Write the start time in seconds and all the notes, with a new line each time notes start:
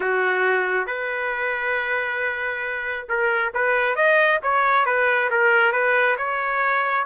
0.00 F#4
0.86 B4
3.08 A#4
3.53 B4
3.95 D#5
4.42 C#5
4.85 B4
5.30 A#4
5.72 B4
6.17 C#5